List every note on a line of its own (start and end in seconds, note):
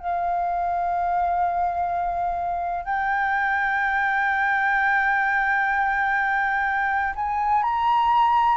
0.00 2.85 F5
2.85 7.14 G5
7.16 7.64 G#5
7.64 8.58 A#5